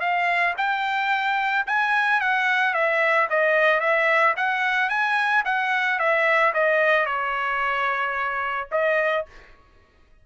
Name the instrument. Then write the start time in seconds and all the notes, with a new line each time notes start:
trumpet
0.00 F5
0.57 G5
1.66 G#5
2.20 F#5
2.73 E5
3.29 D#5
3.80 E5
4.36 F#5
4.89 G#5
5.45 F#5
5.99 E5
6.54 D#5
7.06 C#5
8.71 D#5